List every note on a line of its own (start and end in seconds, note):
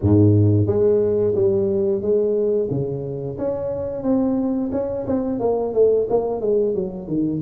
0.01 0.66 G#2
0.66 1.34 G#3
1.35 2.01 G3
2.01 2.68 G#3
2.70 3.37 C#3
3.38 4.02 C#4
4.02 4.70 C4
4.72 5.06 C#4
5.07 5.39 C4
5.39 5.73 A#3
5.73 6.07 A3
6.09 6.40 A#3
6.40 6.74 G#3
6.74 7.07 F#3
7.07 7.41 D#3